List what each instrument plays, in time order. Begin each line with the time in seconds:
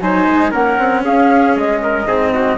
0.00 bassoon F#3, cello D#4, trumpet C5, flute G#5
0.27 bassoon G#3
0.51 bassoon A#3, cello C#4, trumpet A#4, flute F#5
0.78 bassoon C4
1.04 bassoon C#4, trumpet G#4, flute F5
1.56 bassoon G#3, flute D#5
1.82 trumpet A#4
2.06 bassoon G#2, cello C4, trumpet G#4
2.34 trumpet F#4